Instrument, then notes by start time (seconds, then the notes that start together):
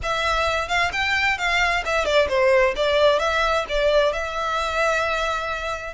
violin
0.02 E5
0.68 F5
0.92 G5
1.37 F5
1.85 E5
2.05 D5
2.28 C5
2.75 D5
3.19 E5
3.68 D5
4.13 E5